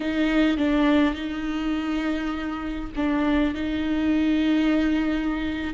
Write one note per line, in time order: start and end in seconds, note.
0.00 0.57 D#4
0.57 1.14 D4
1.14 2.91 D#4
2.95 3.54 D4
3.54 5.73 D#4